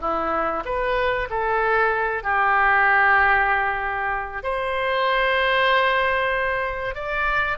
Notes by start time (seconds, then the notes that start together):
0.00 E4
0.65 B4
1.30 A4
2.23 G4
4.43 C5
6.94 D5